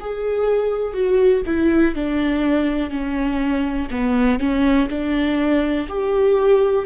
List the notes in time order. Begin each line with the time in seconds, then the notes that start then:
0.00 G#4
0.93 F#4
1.46 E4
1.95 D4
2.90 C#4
3.90 B3
4.39 C#4
4.89 D4
5.88 G4